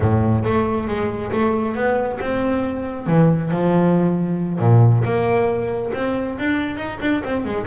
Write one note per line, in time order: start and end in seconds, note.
0.00 0.44 A2
0.44 0.87 A3
0.87 1.31 G#3
1.31 1.75 A3
1.75 2.19 B3
2.20 3.07 C4
3.07 3.50 E3
3.50 4.59 F3
4.59 5.03 A#2
5.04 5.92 A#3
5.94 6.37 C4
6.38 6.76 D4
6.76 6.98 D#4
7.01 7.23 D4
7.23 7.44 C4
7.44 7.66 G#3